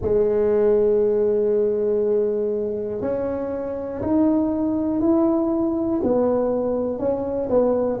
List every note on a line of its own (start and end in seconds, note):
0.01 3.01 G#3
3.01 4.01 C#4
4.01 5.00 D#4
5.00 6.00 E4
6.03 6.98 B3
6.98 7.48 C#4
7.49 7.99 B3